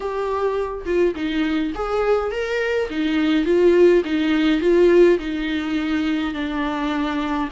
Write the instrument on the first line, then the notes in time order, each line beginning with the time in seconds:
viola
0.00 G4
0.85 F4
1.15 D#4
1.74 G#4
2.31 A#4
2.90 D#4
3.45 F4
4.04 D#4
4.60 F4
5.18 D#4
6.34 D4